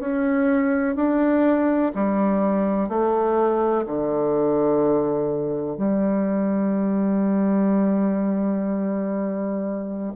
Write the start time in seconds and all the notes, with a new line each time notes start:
0.00 C#4
0.96 D4
1.95 G3
2.89 A3
3.87 D3
5.78 G3